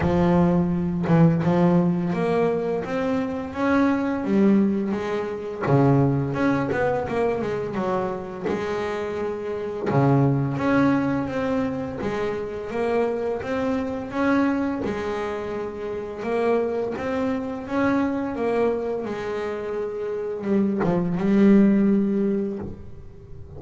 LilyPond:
\new Staff \with { instrumentName = "double bass" } { \time 4/4 \tempo 4 = 85 f4. e8 f4 ais4 | c'4 cis'4 g4 gis4 | cis4 cis'8 b8 ais8 gis8 fis4 | gis2 cis4 cis'4 |
c'4 gis4 ais4 c'4 | cis'4 gis2 ais4 | c'4 cis'4 ais4 gis4~ | gis4 g8 f8 g2 | }